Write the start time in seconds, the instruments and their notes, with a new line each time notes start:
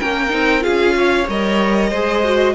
0.00 cello A#3, viola C#4, violin A#4 G5
0.30 cello C4, viola D#4
0.61 viola F4, violin G#4 F5
0.68 cello C#4
0.97 violin C#5
1.29 cello G3, viola A#4, violin D#5
1.90 cello G#3, viola G#4, violin C5
2.24 viola F#4